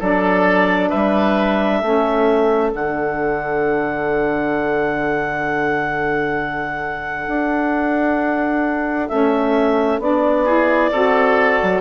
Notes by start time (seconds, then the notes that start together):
0.00 F#3 D4 A4 D5
0.89 G3 B4 E5
1.80 A3 C#4 A4
2.72 D3 D4 F#5
7.28 D4
9.09 A3 C#4 E5
10.00 B3 D4 D5
10.45 E4 G#4
10.92 C4 F#4 A4
11.63 F#3